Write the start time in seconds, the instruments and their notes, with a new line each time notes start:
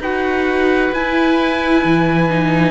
0.00 cello D#4, viola F#4, oboe B4, trumpet F#5
0.92 cello E4, viola E4, trumpet G#5
1.84 cello E3
2.30 viola D#4